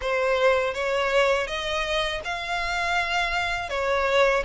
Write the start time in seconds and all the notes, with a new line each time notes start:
0.01 C5
0.73 C#5
1.46 D#5
2.24 F5
3.69 C#5